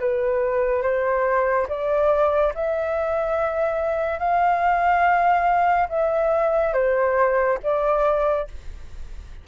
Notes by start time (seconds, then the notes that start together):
0.00 B4
0.83 C5
1.69 D5
2.55 E5
4.19 F5
5.89 E5
6.74 C5
7.63 D5